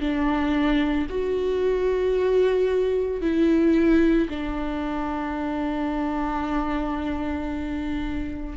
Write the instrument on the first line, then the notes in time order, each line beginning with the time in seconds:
viola
0.00 D4
1.09 F#4
3.21 E4
4.29 D4